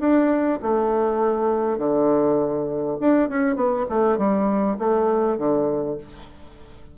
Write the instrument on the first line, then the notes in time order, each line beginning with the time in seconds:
bassoon
0.00 D4
0.62 A3
1.78 D3
3.01 D4
3.29 C#4
3.56 B3
3.89 A3
4.18 G3
4.79 A3
5.38 D3